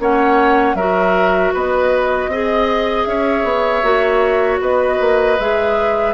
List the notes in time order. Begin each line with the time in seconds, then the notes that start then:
0.00 A#3 C#4 C#5 F#5
0.75 F#3 F#4 A#4 E5
1.54 B3 B4 D#5
2.28 C4 G#4 D#5
3.04 C#4 C#5 E5
3.44 B3
3.83 A#3 F#4
4.61 B3 B4 D#5
5.01 A#3
5.39 G#3 G#4 E5